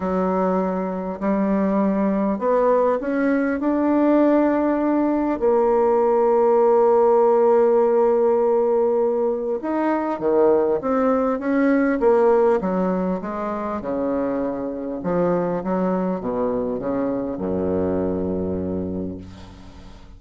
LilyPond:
\new Staff \with { instrumentName = "bassoon" } { \time 4/4 \tempo 4 = 100 fis2 g2 | b4 cis'4 d'2~ | d'4 ais2.~ | ais1 |
dis'4 dis4 c'4 cis'4 | ais4 fis4 gis4 cis4~ | cis4 f4 fis4 b,4 | cis4 fis,2. | }